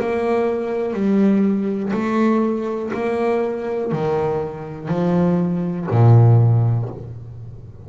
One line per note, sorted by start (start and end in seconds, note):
0.00 0.93 A#3
0.93 1.92 G3
1.93 2.92 A3
2.94 3.92 A#3
3.92 4.89 D#3
4.89 5.87 F3
5.91 6.89 A#2